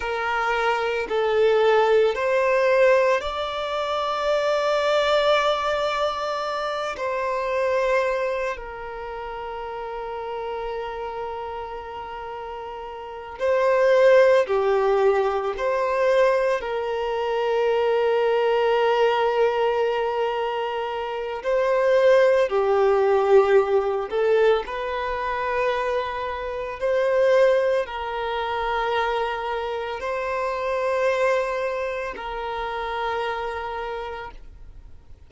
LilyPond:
\new Staff \with { instrumentName = "violin" } { \time 4/4 \tempo 4 = 56 ais'4 a'4 c''4 d''4~ | d''2~ d''8 c''4. | ais'1~ | ais'8 c''4 g'4 c''4 ais'8~ |
ais'1 | c''4 g'4. a'8 b'4~ | b'4 c''4 ais'2 | c''2 ais'2 | }